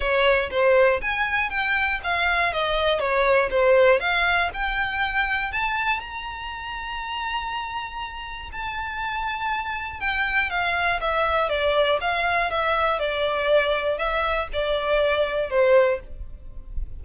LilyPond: \new Staff \with { instrumentName = "violin" } { \time 4/4 \tempo 4 = 120 cis''4 c''4 gis''4 g''4 | f''4 dis''4 cis''4 c''4 | f''4 g''2 a''4 | ais''1~ |
ais''4 a''2. | g''4 f''4 e''4 d''4 | f''4 e''4 d''2 | e''4 d''2 c''4 | }